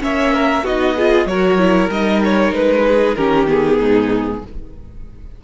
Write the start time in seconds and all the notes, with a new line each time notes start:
0.00 A#3 C#4 C#5 E5
0.34 A#4
0.63 B3 D#4 F#4 D#5
0.96 F4 G#4
1.26 F#3 F#4 A#4 C#5
1.59 E4
1.89 G3 D#4 D#5
2.24 C#5
2.52 G#3 B4
2.88 G#4
3.15 D#3 C#4 G4 A#4
3.47 B3 G#4
3.80 G#2 D#4